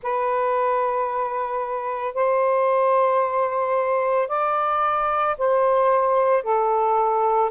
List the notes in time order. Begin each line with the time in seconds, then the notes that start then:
0.02 B4
2.14 C5
4.28 D5
5.38 C5
6.43 A4